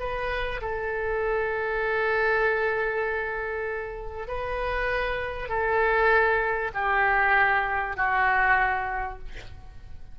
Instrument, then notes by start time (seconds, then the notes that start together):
oboe
0.00 B4
0.62 A4
4.28 B4
5.49 A4
6.75 G4
7.97 F#4